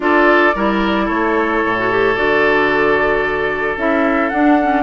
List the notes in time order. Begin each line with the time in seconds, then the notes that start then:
0.00 D4 F4 A4 D5
0.55 G3 E4 A#4
1.05 A3 A4 C#5
1.64 A2
1.77 F#4
1.90 G4
2.15 D3 F#4 D5
3.76 C#4 E4 E5
4.29 D4 F#5
4.62 C#4